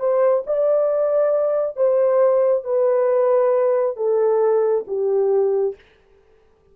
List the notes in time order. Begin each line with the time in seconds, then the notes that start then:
0.00 C5
0.47 D5
1.77 C5
2.64 B4
3.97 A4
4.88 G4